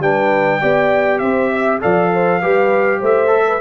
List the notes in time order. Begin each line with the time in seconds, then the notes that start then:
0.00 G3 D4 B4 G5
0.62 B3 G4 D5
1.19 C4 C5 E5
1.52 E5
1.81 F3 A4 D5 F5
2.14 C5
2.42 G3 G4 B4
3.00 A3 C5 E5
3.27 A4
3.48 B4